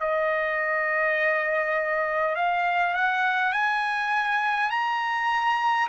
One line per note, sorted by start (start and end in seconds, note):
0.00 2.35 D#5
2.35 2.94 F5
2.94 3.52 F#5
3.52 4.70 G#5
4.70 5.88 A#5